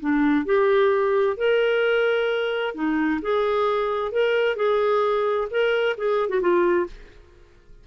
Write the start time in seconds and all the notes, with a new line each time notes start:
0.00 D4
0.45 G4
1.37 A#4
2.75 D#4
3.22 G#4
4.12 A#4
4.56 G#4
5.51 A#4
5.98 G#4
6.29 F#4
6.41 F4